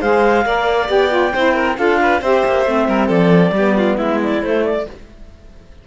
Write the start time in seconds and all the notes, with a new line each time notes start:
0.00 G#3 G#4 C5 F5
0.45 A#3 A#4 D5
0.87 B3 G4 G5
1.09 F4
1.33 C4 E4 C5
1.54 A#4
1.75 D4 F4 A4 F5
2.02 B4
2.21 C4 G4 C5 E5
2.45 A#3
2.65 A3 C4
2.88 G3 A#4
3.07 F3 A4 D5
3.51 G3 B3 G4
3.77 F4
3.97 G#3 E4 E5
4.23 D5
4.42 A3 C5
4.64 D5